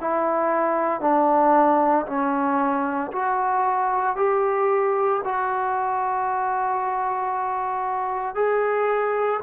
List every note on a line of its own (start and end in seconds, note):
0.00 1.00 E4
1.00 2.05 D4
2.06 3.11 C#4
3.11 4.16 F#4
4.16 5.21 G4
5.24 8.35 F#4
8.35 9.40 G#4